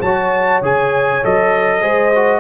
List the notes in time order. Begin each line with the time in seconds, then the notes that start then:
0.00 F#3 F#4 C#5 A5
0.62 C#3 G#4 G#5
1.24 F#3 A4 D#5
1.81 G#3 G#4 C5
2.16 F#4